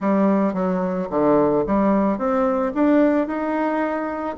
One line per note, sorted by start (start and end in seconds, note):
0.00 0.53 G3
0.53 1.08 F#3
1.10 1.64 D3
1.66 2.18 G3
2.18 2.72 C4
2.74 3.27 D4
3.27 4.36 D#4